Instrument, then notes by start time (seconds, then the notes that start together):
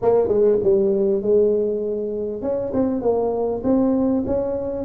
tuba
0.02 A#3
0.28 G#3
0.63 G3
1.22 G#3
2.42 C#4
2.73 C4
3.01 A#3
3.63 C4
4.26 C#4